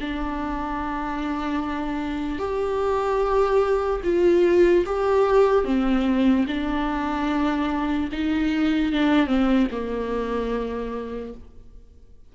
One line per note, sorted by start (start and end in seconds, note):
0.00 2.39 D4
2.39 4.01 G4
4.04 4.85 F4
4.85 5.64 G4
5.64 6.45 C4
6.47 8.09 D4
8.12 8.92 D#4
8.92 9.27 D4
9.27 9.67 C4
9.71 11.33 A#3